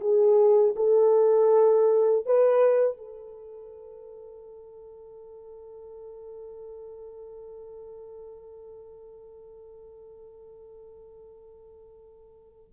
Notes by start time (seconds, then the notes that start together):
0.00 G#4
0.76 A4
2.26 B4
2.97 A4